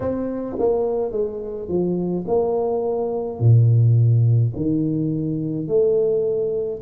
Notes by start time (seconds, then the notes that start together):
0.00 C4
0.58 A#3
1.11 G#3
1.68 F3
2.27 A#3
3.40 A#2
4.55 D#3
5.67 A3